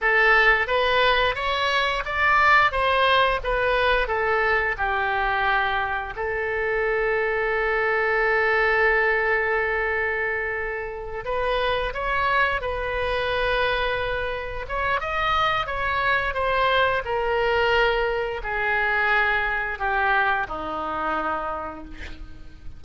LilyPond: \new Staff \with { instrumentName = "oboe" } { \time 4/4 \tempo 4 = 88 a'4 b'4 cis''4 d''4 | c''4 b'4 a'4 g'4~ | g'4 a'2.~ | a'1~ |
a'8 b'4 cis''4 b'4.~ | b'4. cis''8 dis''4 cis''4 | c''4 ais'2 gis'4~ | gis'4 g'4 dis'2 | }